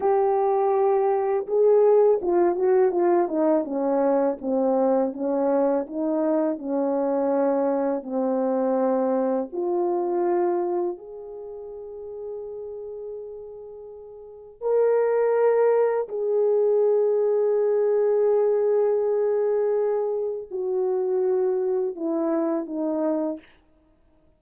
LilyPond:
\new Staff \with { instrumentName = "horn" } { \time 4/4 \tempo 4 = 82 g'2 gis'4 f'8 fis'8 | f'8 dis'8 cis'4 c'4 cis'4 | dis'4 cis'2 c'4~ | c'4 f'2 gis'4~ |
gis'1 | ais'2 gis'2~ | gis'1 | fis'2 e'4 dis'4 | }